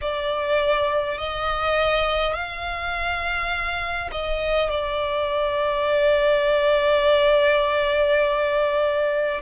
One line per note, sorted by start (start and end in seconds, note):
0.01 1.18 D5
1.18 2.33 D#5
2.33 4.10 F5
4.11 4.70 D#5
4.70 9.41 D5